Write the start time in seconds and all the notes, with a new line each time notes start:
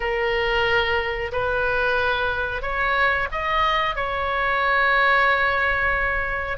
0.00 A#4
1.32 B4
2.62 C#5
3.31 D#5
3.95 C#5